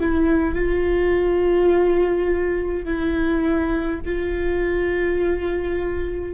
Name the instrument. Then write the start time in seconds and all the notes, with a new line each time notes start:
viola
0.00 E4
0.55 F4
2.85 E4
4.05 F4